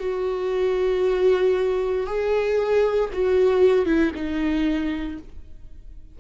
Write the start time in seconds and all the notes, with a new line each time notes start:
0.00 F#4
2.06 G#4
3.13 F#4
3.86 E4
4.15 D#4